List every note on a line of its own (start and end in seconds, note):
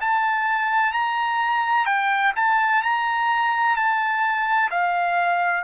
0.00 0.92 A5
0.92 1.85 A#5
1.85 2.32 G5
2.36 2.82 A5
2.82 3.76 A#5
3.76 4.70 A5
4.70 5.64 F5